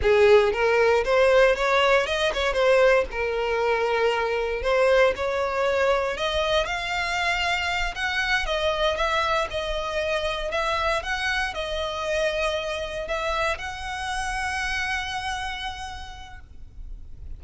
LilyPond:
\new Staff \with { instrumentName = "violin" } { \time 4/4 \tempo 4 = 117 gis'4 ais'4 c''4 cis''4 | dis''8 cis''8 c''4 ais'2~ | ais'4 c''4 cis''2 | dis''4 f''2~ f''8 fis''8~ |
fis''8 dis''4 e''4 dis''4.~ | dis''8 e''4 fis''4 dis''4.~ | dis''4. e''4 fis''4.~ | fis''1 | }